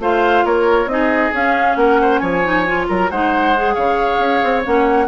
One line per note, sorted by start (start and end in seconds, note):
0.00 0.44 A3
0.00 0.89 F4
0.00 0.45 C5
0.00 0.46 F5
0.45 0.86 A#3
0.45 0.90 A#4
0.45 0.89 C#5
0.86 1.30 C4
0.86 1.33 D#4
0.86 1.33 D#5
0.93 1.79 G#4
1.34 2.44 C#4
1.34 1.76 C#4
1.34 1.76 F5
1.76 2.20 A#3
1.76 2.01 A#4
1.76 2.19 F#5
2.02 2.21 C5
2.19 2.88 F3
2.19 2.87 C#5
2.19 2.85 G#5
2.44 2.66 D#4
2.67 3.11 F4
2.89 3.11 F#3
2.89 3.11 A#4
2.89 3.11 A#5
3.11 3.77 G#3
3.11 3.56 D#4
3.11 3.75 C5
3.11 3.75 F#5
3.56 4.64 G#4
3.75 4.19 C#3
3.75 5.07 C#5
3.75 4.63 F5
4.19 4.41 C#4
4.44 4.66 C4
4.64 5.08 A#3
4.64 5.08 C#4
4.64 5.08 F#5